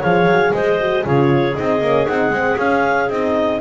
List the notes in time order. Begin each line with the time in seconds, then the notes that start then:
0.00 F3 G#4 C#5 F5
0.27 F#3
0.53 G#3 C5 D#5
0.80 F#4
1.03 C#3 F4 G#4 C#5
1.55 C4 D#4 D#5
1.81 A#3 C#4
2.07 C4 D#4 F#5
2.30 G#3 C4
2.57 C#4 F5
3.09 C4 D#4 D#5